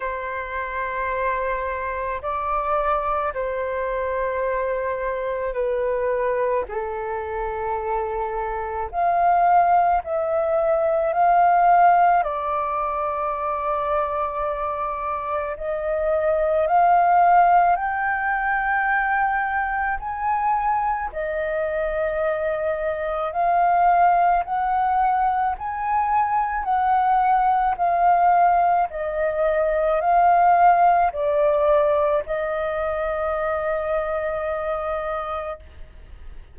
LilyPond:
\new Staff \with { instrumentName = "flute" } { \time 4/4 \tempo 4 = 54 c''2 d''4 c''4~ | c''4 b'4 a'2 | f''4 e''4 f''4 d''4~ | d''2 dis''4 f''4 |
g''2 gis''4 dis''4~ | dis''4 f''4 fis''4 gis''4 | fis''4 f''4 dis''4 f''4 | d''4 dis''2. | }